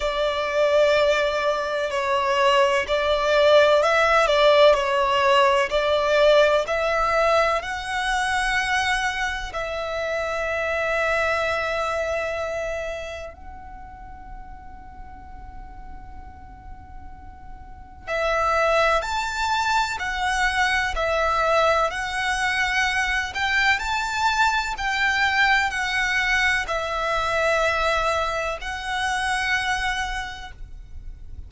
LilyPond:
\new Staff \with { instrumentName = "violin" } { \time 4/4 \tempo 4 = 63 d''2 cis''4 d''4 | e''8 d''8 cis''4 d''4 e''4 | fis''2 e''2~ | e''2 fis''2~ |
fis''2. e''4 | a''4 fis''4 e''4 fis''4~ | fis''8 g''8 a''4 g''4 fis''4 | e''2 fis''2 | }